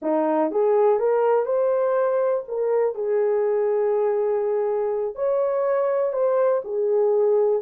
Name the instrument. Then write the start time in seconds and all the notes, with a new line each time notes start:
horn
0.01 D#4
0.51 G#4
0.99 A#4
1.45 C5
2.47 A#4
2.94 G#4
5.15 C#5
6.12 C5
6.64 G#4